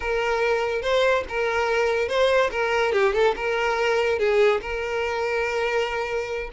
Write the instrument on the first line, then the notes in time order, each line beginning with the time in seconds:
violin
0.00 A#4
0.82 C5
1.29 A#4
2.08 C5
2.51 A#4
2.92 G4
3.13 A4
3.36 A#4
4.18 G#4
4.61 A#4